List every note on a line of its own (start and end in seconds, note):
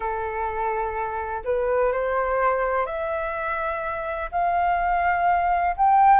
0.00 1.43 A4
1.44 1.92 B4
1.92 2.85 C5
2.85 4.29 E5
4.31 5.75 F5
5.76 6.20 G5